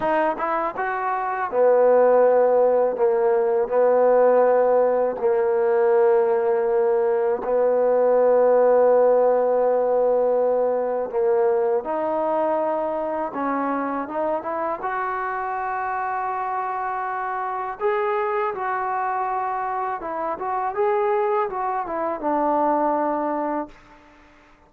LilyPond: \new Staff \with { instrumentName = "trombone" } { \time 4/4 \tempo 4 = 81 dis'8 e'8 fis'4 b2 | ais4 b2 ais4~ | ais2 b2~ | b2. ais4 |
dis'2 cis'4 dis'8 e'8 | fis'1 | gis'4 fis'2 e'8 fis'8 | gis'4 fis'8 e'8 d'2 | }